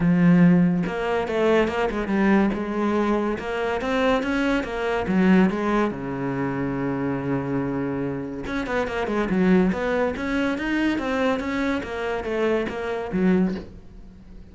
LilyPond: \new Staff \with { instrumentName = "cello" } { \time 4/4 \tempo 4 = 142 f2 ais4 a4 | ais8 gis8 g4 gis2 | ais4 c'4 cis'4 ais4 | fis4 gis4 cis2~ |
cis1 | cis'8 b8 ais8 gis8 fis4 b4 | cis'4 dis'4 c'4 cis'4 | ais4 a4 ais4 fis4 | }